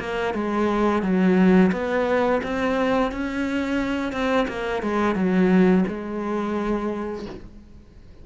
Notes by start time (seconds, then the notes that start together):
0.00 A#3
0.34 G#3
1.03 F#3
1.72 B3
2.44 C4
3.12 C#4
4.13 C4
4.48 A#3
4.82 G#3
5.15 F#3
5.88 G#3